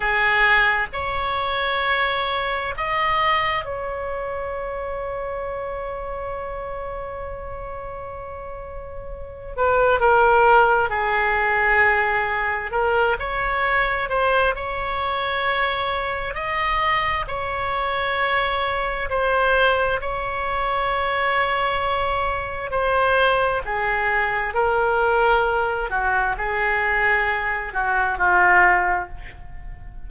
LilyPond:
\new Staff \with { instrumentName = "oboe" } { \time 4/4 \tempo 4 = 66 gis'4 cis''2 dis''4 | cis''1~ | cis''2~ cis''8 b'8 ais'4 | gis'2 ais'8 cis''4 c''8 |
cis''2 dis''4 cis''4~ | cis''4 c''4 cis''2~ | cis''4 c''4 gis'4 ais'4~ | ais'8 fis'8 gis'4. fis'8 f'4 | }